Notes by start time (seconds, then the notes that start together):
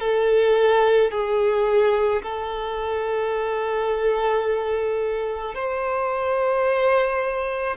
0.00 A4
1.11 G#4
2.22 A4
5.55 C5